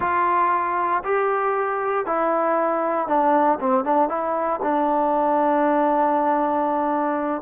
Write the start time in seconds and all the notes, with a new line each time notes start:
0.00 F4
1.04 G4
2.05 E4
3.07 D4
3.60 C4
3.84 D4
4.08 E4
4.62 D4